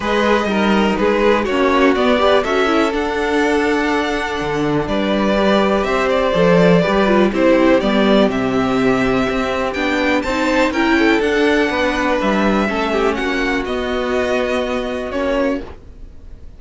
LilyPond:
<<
  \new Staff \with { instrumentName = "violin" } { \time 4/4 \tempo 4 = 123 dis''2 b'4 cis''4 | d''4 e''4 fis''2~ | fis''2 d''2 | e''8 d''2~ d''8 c''4 |
d''4 e''2. | g''4 a''4 g''4 fis''4~ | fis''4 e''2 fis''4 | dis''2. cis''4 | }
  \new Staff \with { instrumentName = "violin" } { \time 4/4 b'4 ais'4 gis'4 fis'4~ | fis'8 b'8 a'2.~ | a'2 b'2 | c''2 b'4 g'4~ |
g'1~ | g'4 c''4 ais'8 a'4. | b'2 a'8 g'8 fis'4~ | fis'1 | }
  \new Staff \with { instrumentName = "viola" } { \time 4/4 gis'4 dis'2 cis'4 | b8 g'8 fis'8 e'8 d'2~ | d'2. g'4~ | g'4 a'4 g'8 f'8 e'4 |
b4 c'2. | d'4 dis'4 e'4 d'4~ | d'2 cis'2 | b2. cis'4 | }
  \new Staff \with { instrumentName = "cello" } { \time 4/4 gis4 g4 gis4 ais4 | b4 cis'4 d'2~ | d'4 d4 g2 | c'4 f4 g4 c'4 |
g4 c2 c'4 | b4 c'4 cis'4 d'4 | b4 g4 a4 ais4 | b2. ais4 | }
>>